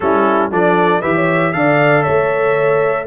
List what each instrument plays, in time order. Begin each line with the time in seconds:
0.00 tuba G3, trombone C#4, horn E4, trumpet A4
0.51 tuba F3, trombone D4, horn A4, trumpet D5
1.00 tuba E3, trombone G4, horn B4, trumpet E5
1.14 horn C#5
1.52 tuba D3, trombone A4, horn D5, trumpet F5
2.03 tuba A3, horn C#5, trumpet E5